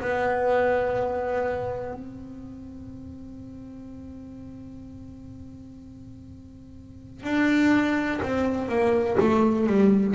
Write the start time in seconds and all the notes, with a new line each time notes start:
0.00 B3
1.94 C4
7.24 D4
8.22 C4
8.69 A#3
9.20 A3
9.67 G3